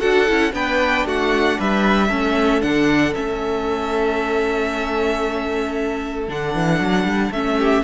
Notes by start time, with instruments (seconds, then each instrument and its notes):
0.00 cello D4, viola F#4, violin A4 F#5
0.28 cello C#4, viola E4
0.52 cello B3, viola D4, violin B4 G5
1.06 cello A3, violin F#4 F#5
1.59 cello G3, violin B4 E5
2.08 cello A3, viola C#4, violin A4
2.62 cello D3, viola D4, violin F#5
3.15 cello A3, viola C#4, violin E5
6.29 cello D3, viola D4, violin F#5
6.55 cello E3
6.81 cello F#3
7.04 cello G3
7.31 cello A3, viola C#4, violin E5
7.59 violin G4